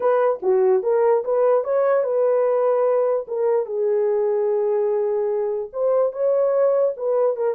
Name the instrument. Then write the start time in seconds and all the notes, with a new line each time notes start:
horn
0.00 B4
0.42 F#4
0.83 A#4
1.24 B4
1.63 C#5
2.03 B4
3.27 A#4
3.65 G#4
5.73 C5
6.12 C#5
6.96 B4
7.36 A#4